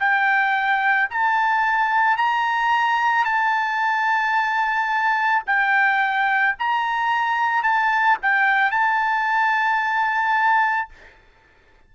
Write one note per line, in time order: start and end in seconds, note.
0.00 1.09 G5
1.11 2.17 A5
2.17 3.25 A#5
3.25 5.43 A5
5.46 6.56 G5
6.59 7.63 A#5
7.63 8.18 A5
8.23 8.71 G5
8.71 10.89 A5